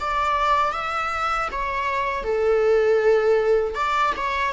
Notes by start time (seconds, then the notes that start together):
0.00 D5
0.72 E5
1.52 C#5
2.23 A4
3.75 D5
4.17 C#5